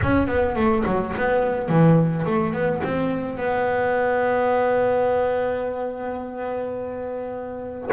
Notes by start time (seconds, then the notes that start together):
0.02 C#4
0.27 B3
0.55 A3
0.86 F#3
1.16 B3
1.68 E3
2.26 A3
2.53 B3
2.83 C4
3.37 B3